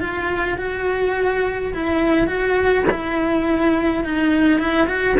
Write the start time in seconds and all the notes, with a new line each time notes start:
0.00 F4
0.57 F#4
1.74 E4
2.27 F#4
2.90 E4
4.04 D#4
4.59 E4
4.87 F#4